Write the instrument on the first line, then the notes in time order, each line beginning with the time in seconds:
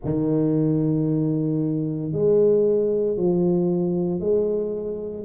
tuba
0.04 D#3
2.12 G#3
3.16 F3
4.20 G#3